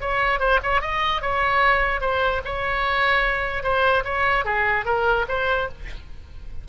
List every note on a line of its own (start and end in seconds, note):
0.00 0.39 C#5
0.39 0.59 C5
0.63 0.81 C#5
0.81 1.21 D#5
1.22 2.01 C#5
2.01 2.41 C5
2.45 3.63 C#5
3.63 4.03 C5
4.04 4.44 C#5
4.44 4.85 G#4
4.85 5.25 A#4
5.28 5.68 C5